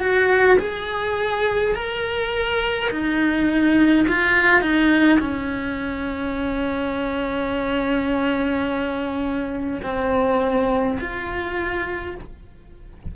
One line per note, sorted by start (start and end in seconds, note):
0.00 0.58 F#4
0.59 1.75 G#4
1.75 2.90 A#4
2.91 4.06 D#4
4.08 4.61 F4
4.61 5.19 D#4
5.19 9.81 C#4
9.83 10.98 C4
11.00 12.15 F4